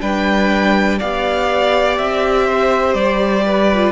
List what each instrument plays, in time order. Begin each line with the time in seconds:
0.00 cello G3, viola D4, violin B4 G5
0.98 cello B3, viola G4, violin D5 F5
1.98 cello C4, violin E5
2.45 violin C5
2.93 cello G3, violin D5
3.45 violin B4
3.73 viola F4